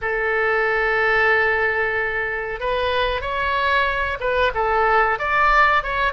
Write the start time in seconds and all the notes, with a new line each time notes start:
0.01 A4
2.60 B4
3.21 C#5
4.19 B4
4.54 A4
5.18 D5
5.83 C#5